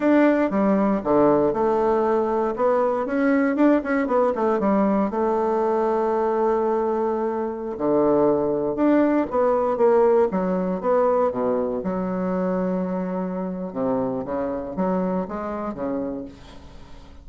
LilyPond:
\new Staff \with { instrumentName = "bassoon" } { \time 4/4 \tempo 4 = 118 d'4 g4 d4 a4~ | a4 b4 cis'4 d'8 cis'8 | b8 a8 g4 a2~ | a2.~ a16 d8.~ |
d4~ d16 d'4 b4 ais8.~ | ais16 fis4 b4 b,4 fis8.~ | fis2. c4 | cis4 fis4 gis4 cis4 | }